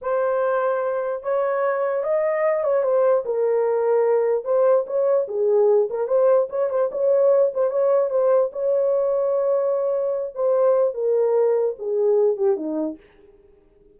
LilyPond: \new Staff \with { instrumentName = "horn" } { \time 4/4 \tempo 4 = 148 c''2. cis''4~ | cis''4 dis''4. cis''8 c''4 | ais'2. c''4 | cis''4 gis'4. ais'8 c''4 |
cis''8 c''8 cis''4. c''8 cis''4 | c''4 cis''2.~ | cis''4. c''4. ais'4~ | ais'4 gis'4. g'8 dis'4 | }